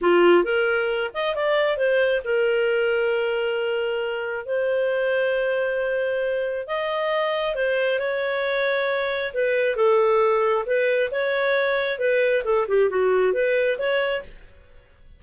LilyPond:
\new Staff \with { instrumentName = "clarinet" } { \time 4/4 \tempo 4 = 135 f'4 ais'4. dis''8 d''4 | c''4 ais'2.~ | ais'2 c''2~ | c''2. dis''4~ |
dis''4 c''4 cis''2~ | cis''4 b'4 a'2 | b'4 cis''2 b'4 | a'8 g'8 fis'4 b'4 cis''4 | }